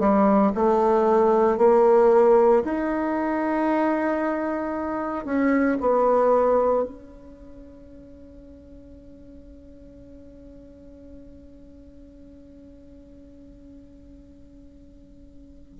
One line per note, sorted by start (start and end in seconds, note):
0.00 0.53 G3
0.56 1.58 A3
1.58 2.64 A#3
2.65 5.25 D#4
5.25 5.78 C#4
5.81 6.84 B3
6.84 15.79 C#4